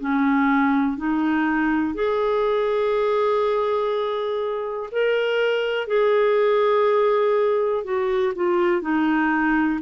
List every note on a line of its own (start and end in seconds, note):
0.00 0.98 C#4
0.98 1.95 D#4
1.95 4.90 G#4
4.92 5.87 A#4
5.87 7.84 G#4
7.85 8.34 F#4
8.36 8.82 F4
8.82 9.80 D#4